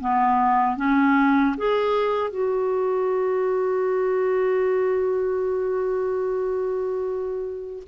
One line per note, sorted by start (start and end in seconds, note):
0.00 0.76 B3
0.76 1.55 C#4
1.57 2.30 G#4
2.30 7.83 F#4